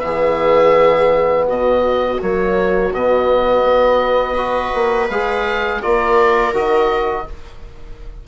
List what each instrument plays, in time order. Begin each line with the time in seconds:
0.00 bassoon E3, trombone B3, viola G#4, oboe E5
1.48 bassoon B2, viola F#4, oboe D#5
2.20 bassoon F#3, trombone A#3, oboe C#5
2.93 bassoon B2, trombone B3, oboe D#5
3.63 bassoon B3
4.34 trombone F#4, viola B4
4.74 bassoon A#3
5.10 bassoon G#3, trombone G#4, oboe F5
5.81 bassoon A#3, trombone F4, viola A#4, oboe D5
6.53 bassoon D#3, trombone F#4, oboe D#5